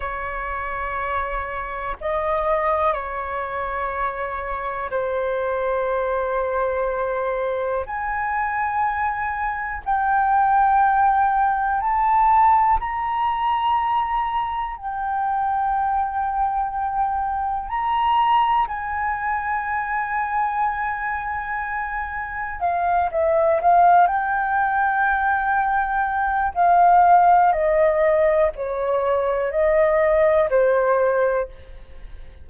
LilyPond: \new Staff \with { instrumentName = "flute" } { \time 4/4 \tempo 4 = 61 cis''2 dis''4 cis''4~ | cis''4 c''2. | gis''2 g''2 | a''4 ais''2 g''4~ |
g''2 ais''4 gis''4~ | gis''2. f''8 e''8 | f''8 g''2~ g''8 f''4 | dis''4 cis''4 dis''4 c''4 | }